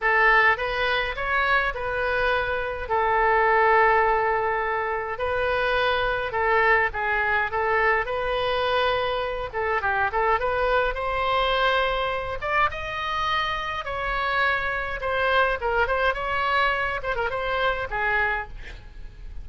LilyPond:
\new Staff \with { instrumentName = "oboe" } { \time 4/4 \tempo 4 = 104 a'4 b'4 cis''4 b'4~ | b'4 a'2.~ | a'4 b'2 a'4 | gis'4 a'4 b'2~ |
b'8 a'8 g'8 a'8 b'4 c''4~ | c''4. d''8 dis''2 | cis''2 c''4 ais'8 c''8 | cis''4. c''16 ais'16 c''4 gis'4 | }